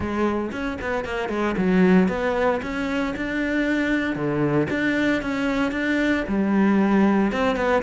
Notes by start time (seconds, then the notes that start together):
0.00 G#3
0.52 C#4
0.81 B3
1.04 A#3
1.29 G#3
1.57 F#3
2.08 B3
2.62 C#4
3.16 D4
4.15 D3
4.70 D4
5.22 C#4
5.71 D4
6.28 G3
7.31 C4
7.56 B3